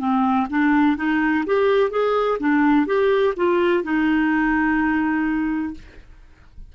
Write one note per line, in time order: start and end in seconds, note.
0.00 0.48 C4
0.50 0.97 D4
0.97 1.45 D#4
1.46 1.91 G4
1.91 2.39 G#4
2.40 2.87 D4
2.87 3.35 G4
3.37 3.84 F4
3.84 5.74 D#4